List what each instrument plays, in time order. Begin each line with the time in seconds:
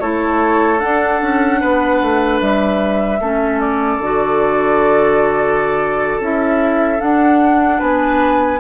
0.00 bassoon A3, clarinet E4, oboe A4, flute C#5
0.79 clarinet D4, bassoon D4, flute F#5
1.22 bassoon C#4
1.60 bassoon B3, oboe B4
2.02 bassoon A3
2.41 bassoon G3, flute E5
3.20 bassoon A3, clarinet C#4, oboe A4
3.61 flute D5
3.98 bassoon D3, clarinet F#4
6.20 bassoon C#4, clarinet E4, flute E5
6.98 clarinet D4, bassoon D4, flute F#5
7.79 bassoon B3, oboe B4, flute G#5